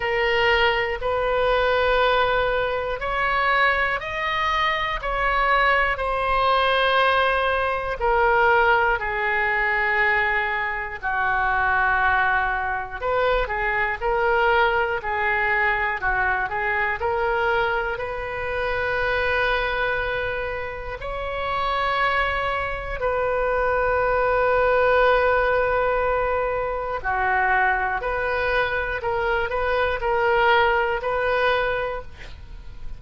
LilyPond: \new Staff \with { instrumentName = "oboe" } { \time 4/4 \tempo 4 = 60 ais'4 b'2 cis''4 | dis''4 cis''4 c''2 | ais'4 gis'2 fis'4~ | fis'4 b'8 gis'8 ais'4 gis'4 |
fis'8 gis'8 ais'4 b'2~ | b'4 cis''2 b'4~ | b'2. fis'4 | b'4 ais'8 b'8 ais'4 b'4 | }